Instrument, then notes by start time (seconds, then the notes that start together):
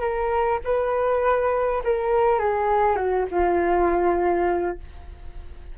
flute
0.00 A#4
0.64 B4
1.84 A#4
2.39 G#4
2.96 F#4
3.30 F4